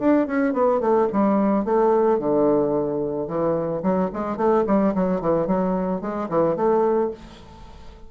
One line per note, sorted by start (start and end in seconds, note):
0.00 0.27 D4
0.27 0.54 C#4
0.54 0.81 B3
0.81 1.08 A3
1.13 1.65 G3
1.65 2.19 A3
2.19 3.28 D3
3.28 3.83 E3
3.83 4.10 F#3
4.14 4.37 G#3
4.37 4.64 A3
4.67 4.94 G3
4.95 5.21 F#3
5.21 5.47 E3
5.47 6.02 F#3
6.02 6.29 G#3
6.30 6.57 E3
6.57 7.11 A3